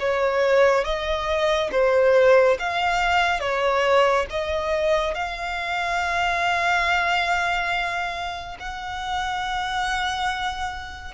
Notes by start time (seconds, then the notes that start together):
0.00 C#5
0.85 D#5
1.72 C5
2.59 F5
3.41 C#5
4.31 D#5
5.15 F5
8.60 F#5